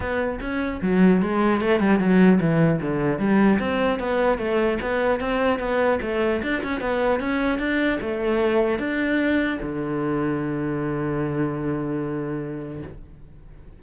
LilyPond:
\new Staff \with { instrumentName = "cello" } { \time 4/4 \tempo 4 = 150 b4 cis'4 fis4 gis4 | a8 g8 fis4 e4 d4 | g4 c'4 b4 a4 | b4 c'4 b4 a4 |
d'8 cis'8 b4 cis'4 d'4 | a2 d'2 | d1~ | d1 | }